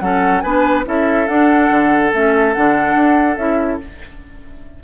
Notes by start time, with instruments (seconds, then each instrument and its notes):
0.00 bassoon F#3, clarinet C#4, oboe A4, flute F#5
0.40 bassoon B3, clarinet D4, oboe B4, flute G#5
0.85 bassoon C#4, clarinet E4, oboe A4, flute E5
1.28 bassoon D4, clarinet D4, flute F#5
1.70 bassoon D3
2.13 bassoon A3, clarinet C#4, flute E5
2.54 bassoon D3, clarinet D4, flute F#5
2.96 bassoon D4
3.37 bassoon C#4, clarinet E4, flute E5